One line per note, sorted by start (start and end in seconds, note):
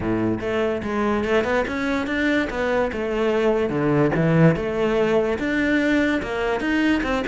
0.00 0.39 A2
0.40 0.82 A3
0.83 1.24 G#3
1.24 1.44 A3
1.44 1.65 B3
1.67 2.07 C#4
2.07 2.48 D4
2.49 2.91 B3
2.92 3.69 A3
3.69 4.11 D3
4.15 4.55 E3
4.55 5.38 A3
5.38 6.21 D4
6.22 6.60 A#3
6.60 7.01 D#4
7.03 7.23 C4